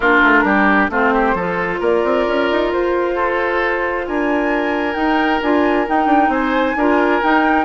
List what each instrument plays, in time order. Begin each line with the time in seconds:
0.00 bassoon A#3, clarinet D4, oboe F4, flute A#4
0.23 bassoon A3
0.43 bassoon G3, oboe G4
0.89 bassoon A3, clarinet C4, oboe F4, flute C5
1.13 oboe G4
1.34 bassoon F3, clarinet F4, oboe A4
1.80 bassoon A#3, oboe A#4, flute D5
2.03 bassoon C4
2.27 bassoon C#4
2.51 bassoon D#4
2.72 bassoon F4, flute C5
3.15 oboe A4
4.06 bassoon D4, oboe A#4, flute G#5
4.94 clarinet D#4, bassoon D#4, flute G5
5.42 bassoon D4, clarinet F4, flute G#5
5.87 clarinet D#4, bassoon D#4, flute G5
6.06 bassoon D4
6.28 bassoon C4, oboe C5, flute G#5
6.75 bassoon D4, clarinet F4, oboe A#4
7.22 clarinet D#4, bassoon D#4, flute G5